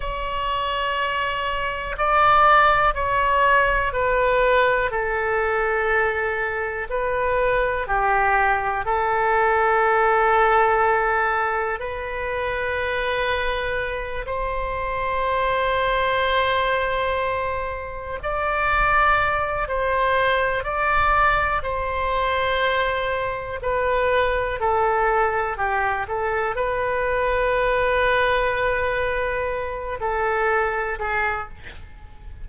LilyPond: \new Staff \with { instrumentName = "oboe" } { \time 4/4 \tempo 4 = 61 cis''2 d''4 cis''4 | b'4 a'2 b'4 | g'4 a'2. | b'2~ b'8 c''4.~ |
c''2~ c''8 d''4. | c''4 d''4 c''2 | b'4 a'4 g'8 a'8 b'4~ | b'2~ b'8 a'4 gis'8 | }